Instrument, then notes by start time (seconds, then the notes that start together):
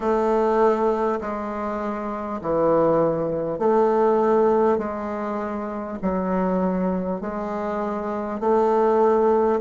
bassoon
0.00 A3
1.20 G#3
2.41 E3
3.58 A3
4.77 G#3
6.02 F#3
7.21 G#3
8.39 A3